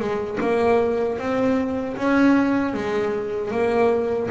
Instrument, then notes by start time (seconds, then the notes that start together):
double bass
0.00 G#3
0.41 A#3
1.19 C4
1.97 C#4
2.74 G#3
3.52 A#3